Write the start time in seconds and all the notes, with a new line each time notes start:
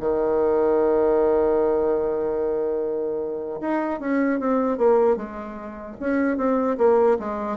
0.00 D#3
3.60 D#4
4.00 C#4
4.39 C4
4.77 A#3
5.16 G#3
6.00 C#4
6.37 C4
6.77 A#3
7.19 G#3